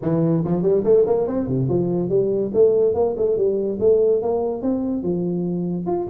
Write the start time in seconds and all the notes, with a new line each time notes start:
0.02 E3
0.44 F3
0.62 G3
0.84 A3
1.06 A#3
1.27 C4
1.47 C3
1.68 F3
2.09 G3
2.53 A3
2.94 A#3
3.17 A3
3.37 G3
3.80 A3
4.22 A#3
4.62 C4
5.02 F3
5.86 F4